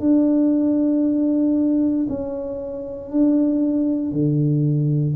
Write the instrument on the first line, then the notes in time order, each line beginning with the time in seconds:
tuba
0.00 D4
2.09 C#4
3.11 D4
4.12 D3